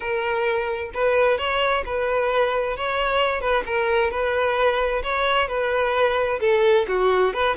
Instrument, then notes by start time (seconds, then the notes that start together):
violin
0.00 A#4
0.94 B4
1.38 C#5
1.85 B4
2.76 C#5
3.40 B4
3.66 A#4
4.10 B4
5.03 C#5
5.47 B4
6.40 A4
6.88 F#4
7.33 B4